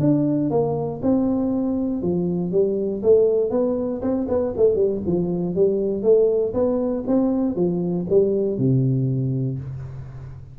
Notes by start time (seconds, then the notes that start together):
0.00 D4
0.50 A#3
1.02 C4
2.02 F3
2.52 G3
3.03 A3
3.50 B3
4.02 C4
4.28 B3
4.57 A3
4.75 G3
5.06 F3
5.55 G3
6.03 A3
6.54 B3
7.07 C4
7.56 F3
8.09 G3
8.58 C3